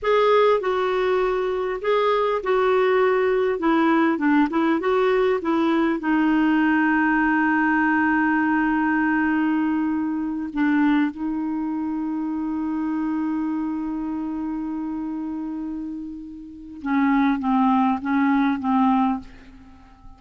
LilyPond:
\new Staff \with { instrumentName = "clarinet" } { \time 4/4 \tempo 4 = 100 gis'4 fis'2 gis'4 | fis'2 e'4 d'8 e'8 | fis'4 e'4 dis'2~ | dis'1~ |
dis'4. d'4 dis'4.~ | dis'1~ | dis'1 | cis'4 c'4 cis'4 c'4 | }